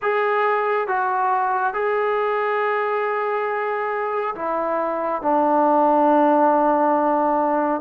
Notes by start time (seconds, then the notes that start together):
0.02 G#4
0.87 F#4
1.74 G#4
4.35 E4
5.22 D4